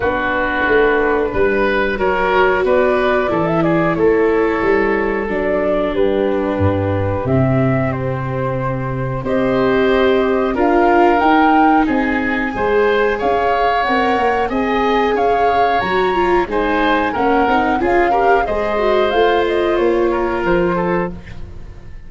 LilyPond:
<<
  \new Staff \with { instrumentName = "flute" } { \time 4/4 \tempo 4 = 91 b'2. cis''4 | d''4~ d''16 e''16 d''8 cis''2 | d''4 b'2 e''4 | c''2 dis''2 |
f''4 g''4 gis''2 | f''4 fis''4 gis''4 f''4 | ais''4 gis''4 fis''4 f''4 | dis''4 f''8 dis''8 cis''4 c''4 | }
  \new Staff \with { instrumentName = "oboe" } { \time 4/4 fis'2 b'4 ais'4 | b'4 a'8 gis'8 a'2~ | a'4 g'2.~ | g'2 c''2 |
ais'2 gis'4 c''4 | cis''2 dis''4 cis''4~ | cis''4 c''4 ais'4 gis'8 ais'8 | c''2~ c''8 ais'4 a'8 | }
  \new Staff \with { instrumentName = "viola" } { \time 4/4 d'2. fis'4~ | fis'4 e'2. | d'2. c'4~ | c'2 g'2 |
f'4 dis'2 gis'4~ | gis'4 ais'4 gis'2 | fis'8 f'8 dis'4 cis'8 dis'8 f'8 g'8 | gis'8 fis'8 f'2. | }
  \new Staff \with { instrumentName = "tuba" } { \time 4/4 b4 a4 g4 fis4 | b4 e4 a4 g4 | fis4 g4 g,4 c4~ | c2 c'2 |
d'4 dis'4 c'4 gis4 | cis'4 c'8 ais8 c'4 cis'4 | fis4 gis4 ais8 c'8 cis'4 | gis4 a4 ais4 f4 | }
>>